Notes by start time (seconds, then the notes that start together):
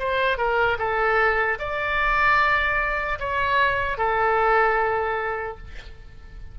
0.00 C5
0.38 A#4
0.79 A4
1.59 D5
3.20 C#5
3.98 A4